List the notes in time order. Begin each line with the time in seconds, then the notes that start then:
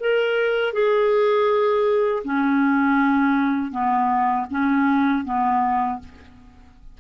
0.00 A#4
0.73 G#4
2.24 C#4
3.71 B3
4.50 C#4
5.24 B3